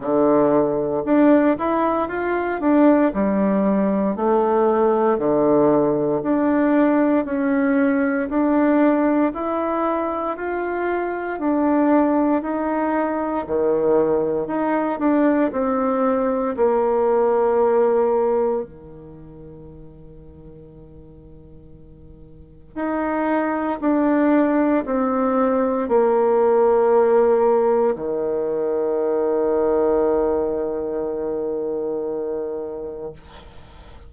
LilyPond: \new Staff \with { instrumentName = "bassoon" } { \time 4/4 \tempo 4 = 58 d4 d'8 e'8 f'8 d'8 g4 | a4 d4 d'4 cis'4 | d'4 e'4 f'4 d'4 | dis'4 dis4 dis'8 d'8 c'4 |
ais2 dis2~ | dis2 dis'4 d'4 | c'4 ais2 dis4~ | dis1 | }